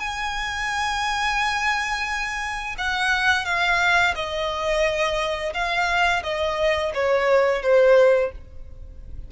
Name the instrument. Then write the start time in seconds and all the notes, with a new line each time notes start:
violin
0.00 G#5
2.78 F#5
3.46 F5
4.16 D#5
5.54 F5
6.24 D#5
6.94 C#5
7.63 C5